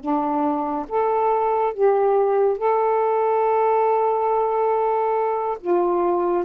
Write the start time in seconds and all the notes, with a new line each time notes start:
0.00 D4
0.88 A4
1.73 G4
2.58 A4
5.60 F4